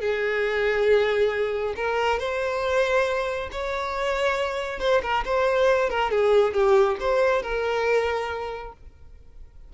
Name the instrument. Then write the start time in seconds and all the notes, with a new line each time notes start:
violin
0.00 G#4
1.76 A#4
2.19 C5
3.51 C#5
4.79 C5
5.02 A#4
5.25 C5
5.89 A#4
6.10 G#4
6.53 G4
7.00 C5
7.42 A#4